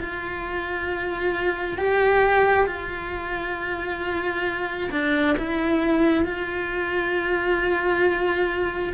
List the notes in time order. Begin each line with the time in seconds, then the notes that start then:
0.00 F4
1.78 G4
2.66 F4
4.91 D4
5.38 E4
6.25 F4